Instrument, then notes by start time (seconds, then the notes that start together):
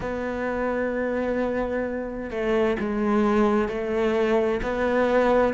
cello
0.00 B3
2.30 A3
2.79 G#3
3.68 A3
4.62 B3